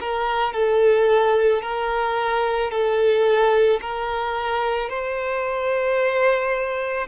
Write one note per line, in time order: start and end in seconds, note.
0.00 0.53 A#4
0.53 1.62 A4
1.62 2.71 A#4
2.71 3.80 A4
3.81 4.89 A#4
4.89 7.07 C5